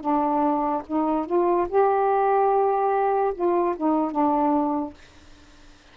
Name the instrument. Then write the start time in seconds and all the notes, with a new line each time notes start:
saxophone
0.00 D4
0.86 D#4
1.26 F4
1.68 G4
3.34 F4
3.77 D#4
4.11 D4